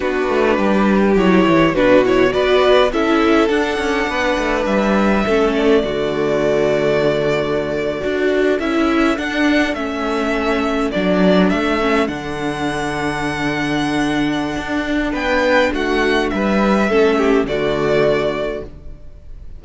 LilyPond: <<
  \new Staff \with { instrumentName = "violin" } { \time 4/4 \tempo 4 = 103 b'2 cis''4 b'8 cis''8 | d''4 e''4 fis''2 | e''4. d''2~ d''8~ | d''2~ d''8. e''4 fis''16~ |
fis''8. e''2 d''4 e''16~ | e''8. fis''2.~ fis''16~ | fis''2 g''4 fis''4 | e''2 d''2 | }
  \new Staff \with { instrumentName = "violin" } { \time 4/4 fis'4 g'2 fis'4 | b'4 a'2 b'4~ | b'4 a'4 fis'2~ | fis'4.~ fis'16 a'2~ a'16~ |
a'1~ | a'1~ | a'2 b'4 fis'4 | b'4 a'8 g'8 fis'2 | }
  \new Staff \with { instrumentName = "viola" } { \time 4/4 d'2 e'4 d'8 e'8 | fis'4 e'4 d'2~ | d'4 cis'4 a2~ | a4.~ a16 fis'4 e'4 d'16~ |
d'8. cis'2 d'4~ d'16~ | d'16 cis'8 d'2.~ d'16~ | d'1~ | d'4 cis'4 a2 | }
  \new Staff \with { instrumentName = "cello" } { \time 4/4 b8 a8 g4 fis8 e8 b,4 | b4 cis'4 d'8 cis'8 b8 a8 | g4 a4 d2~ | d4.~ d16 d'4 cis'4 d'16~ |
d'8. a2 fis4 a16~ | a8. d2.~ d16~ | d4 d'4 b4 a4 | g4 a4 d2 | }
>>